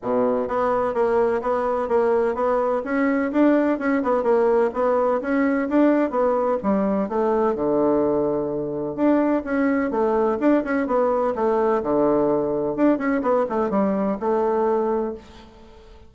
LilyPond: \new Staff \with { instrumentName = "bassoon" } { \time 4/4 \tempo 4 = 127 b,4 b4 ais4 b4 | ais4 b4 cis'4 d'4 | cis'8 b8 ais4 b4 cis'4 | d'4 b4 g4 a4 |
d2. d'4 | cis'4 a4 d'8 cis'8 b4 | a4 d2 d'8 cis'8 | b8 a8 g4 a2 | }